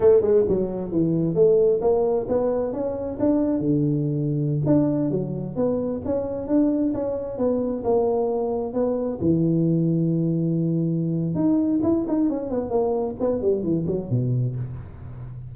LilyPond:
\new Staff \with { instrumentName = "tuba" } { \time 4/4 \tempo 4 = 132 a8 gis8 fis4 e4 a4 | ais4 b4 cis'4 d'4 | d2~ d16 d'4 fis8.~ | fis16 b4 cis'4 d'4 cis'8.~ |
cis'16 b4 ais2 b8.~ | b16 e2.~ e8.~ | e4 dis'4 e'8 dis'8 cis'8 b8 | ais4 b8 g8 e8 fis8 b,4 | }